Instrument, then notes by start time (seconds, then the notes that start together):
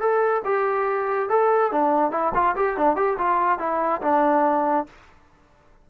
trombone
0.00 A4
0.45 G4
1.29 A4
1.72 D4
2.11 E4
2.34 F4
2.56 G4
2.77 D4
2.96 G4
3.18 F4
3.59 E4
4.02 D4